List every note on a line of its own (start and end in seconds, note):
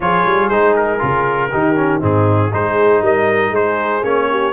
0.00 0.24 F3
0.00 0.51 F4
0.00 1.50 G#4
0.00 0.48 C#5
0.25 0.49 G3
0.48 1.00 G#3
0.48 0.98 D#4
0.48 0.74 C5
0.76 2.02 A#4
0.98 1.52 C#3
0.98 1.49 F4
1.50 2.02 D#3
1.50 1.76 D#4
1.50 1.99 G4
1.76 2.01 C#4
1.99 2.52 G#2
1.99 2.51 C4
1.99 2.49 D#4
1.99 2.53 G#4
2.52 3.01 G#3
2.52 4.02 D#4
2.52 3.02 G#4
2.52 3.03 C5
3.01 3.51 G3
3.01 3.50 A#4
3.01 3.55 D#5
3.50 4.01 G#3
3.50 4.26 G#4
3.50 4.04 C5
4.02 4.52 A#3
4.02 4.52 C#4
4.02 4.52 C#5
4.30 4.52 G4